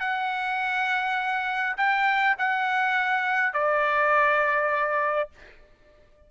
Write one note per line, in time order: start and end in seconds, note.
0.00 1.76 F#5
1.77 2.36 G5
2.39 3.54 F#5
3.54 5.30 D5